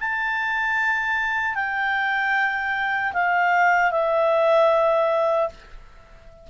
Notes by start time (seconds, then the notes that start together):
0.00 A5
1.55 G5
3.13 F5
3.91 E5